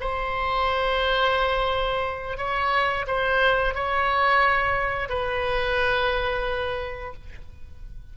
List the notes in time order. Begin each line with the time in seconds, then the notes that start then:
0.00 C5
2.37 C#5
3.07 C5
3.74 C#5
5.09 B4